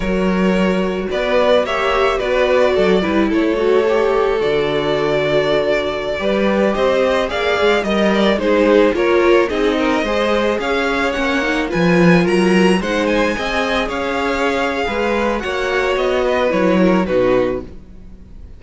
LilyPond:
<<
  \new Staff \with { instrumentName = "violin" } { \time 4/4 \tempo 4 = 109 cis''2 d''4 e''4 | d''2 cis''2 | d''1~ | d''16 dis''4 f''4 dis''8 d''8 c''8.~ |
c''16 cis''4 dis''2 f''8.~ | f''16 fis''4 gis''4 ais''4 fis''8 gis''16~ | gis''4~ gis''16 f''2~ f''8. | fis''4 dis''4 cis''4 b'4 | }
  \new Staff \with { instrumentName = "violin" } { \time 4/4 ais'2 b'4 cis''4 | b'4 a'8 b'8 a'2~ | a'2.~ a'16 b'8.~ | b'16 c''4 d''4 dis''4 gis'8.~ |
gis'16 ais'4 gis'8 ais'8 c''4 cis''8.~ | cis''4~ cis''16 b'4 ais'4 c''8.~ | c''16 dis''4 cis''4.~ cis''16 b'4 | cis''4. b'4 ais'8 fis'4 | }
  \new Staff \with { instrumentName = "viola" } { \time 4/4 fis'2. g'4 | fis'4. e'4 fis'8 g'4 | fis'2.~ fis'16 g'8.~ | g'4~ g'16 gis'4 ais'4 dis'8.~ |
dis'16 f'4 dis'4 gis'4.~ gis'16~ | gis'16 cis'8 dis'8 f'2 dis'8.~ | dis'16 gis'2.~ gis'8. | fis'2 e'4 dis'4 | }
  \new Staff \with { instrumentName = "cello" } { \time 4/4 fis2 b4 ais4 | b4 fis8 g8 a2 | d2.~ d16 g8.~ | g16 c'4 ais8 gis8 g4 gis8.~ |
gis16 ais4 c'4 gis4 cis'8.~ | cis'16 ais4 f4 fis4 gis8.~ | gis16 c'4 cis'4.~ cis'16 gis4 | ais4 b4 fis4 b,4 | }
>>